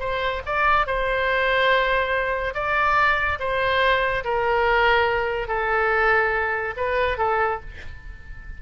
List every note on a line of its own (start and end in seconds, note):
0.00 0.42 C5
0.46 0.87 D5
0.87 2.54 C5
2.54 3.39 D5
3.39 4.24 C5
4.24 5.48 A#4
5.48 6.75 A4
6.77 7.18 B4
7.18 7.60 A4